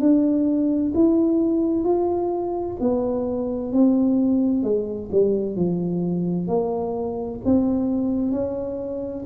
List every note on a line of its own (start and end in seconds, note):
0.00 0.92 D4
0.94 1.84 E4
1.84 2.76 F4
2.80 3.72 B3
3.72 4.63 C4
4.63 5.09 G#3
5.11 5.56 G3
5.56 6.47 F3
6.47 7.40 A#3
7.45 8.32 C4
8.32 9.24 C#4